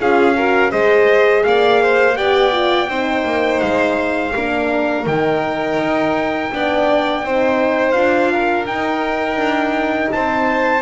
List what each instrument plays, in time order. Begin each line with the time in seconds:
0.00 double bass C#4, horn F4, violin G#4, trumpet F5
0.37 horn F#4, violin A#4
0.71 double bass G#3, horn G#4, violin C5, trumpet D#5
1.44 double bass A#3, violin D5, trumpet F5
1.83 violin C5
2.16 double bass B3, horn G4, violin D5, trumpet G5
2.52 horn F4
2.88 double bass C4, horn D#4, violin C5
3.25 double bass A#3
3.61 double bass G#3, trumpet F5
4.36 double bass A#3, horn D4, violin A#4
5.06 double bass D#3, horn D#4, trumpet G5
5.79 double bass D#4
6.52 double bass B3, horn D4, violin D5
7.24 double bass C4, horn D#4, violin C5
7.92 double bass D4, horn F4, trumpet F5
8.33 violin A#4
8.67 horn D#4, double bass D#4, trumpet G5
9.36 double bass D4
10.12 double bass C4, violin C5, trumpet A5